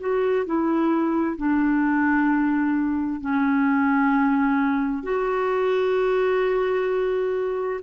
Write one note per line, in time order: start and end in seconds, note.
0.00 0.46 F#4
0.46 1.37 E4
1.37 3.21 D4
3.21 5.03 C#4
5.03 7.80 F#4